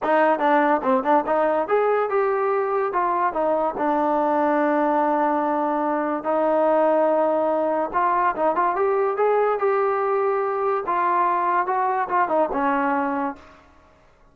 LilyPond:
\new Staff \with { instrumentName = "trombone" } { \time 4/4 \tempo 4 = 144 dis'4 d'4 c'8 d'8 dis'4 | gis'4 g'2 f'4 | dis'4 d'2.~ | d'2. dis'4~ |
dis'2. f'4 | dis'8 f'8 g'4 gis'4 g'4~ | g'2 f'2 | fis'4 f'8 dis'8 cis'2 | }